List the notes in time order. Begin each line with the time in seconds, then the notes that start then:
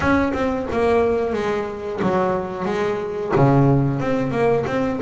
0.00 C#4
0.33 C4
0.72 A#3
1.33 G#3
2.02 F#3
2.65 G#3
3.35 C#3
3.99 C4
4.31 A#3
4.66 C4